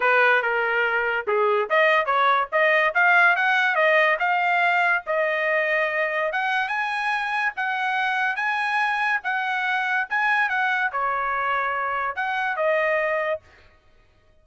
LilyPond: \new Staff \with { instrumentName = "trumpet" } { \time 4/4 \tempo 4 = 143 b'4 ais'2 gis'4 | dis''4 cis''4 dis''4 f''4 | fis''4 dis''4 f''2 | dis''2. fis''4 |
gis''2 fis''2 | gis''2 fis''2 | gis''4 fis''4 cis''2~ | cis''4 fis''4 dis''2 | }